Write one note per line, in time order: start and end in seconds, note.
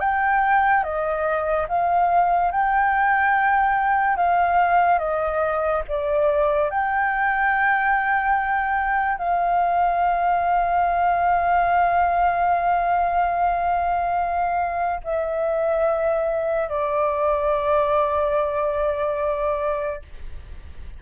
0.00 0.83 G5
0.83 1.67 D#5
1.69 2.52 F5
2.52 4.17 G5
4.17 4.99 F5
4.99 5.82 D#5
5.89 6.70 D5
6.70 9.18 G5
9.18 15.02 F5
15.04 16.69 E5
16.69 20.02 D5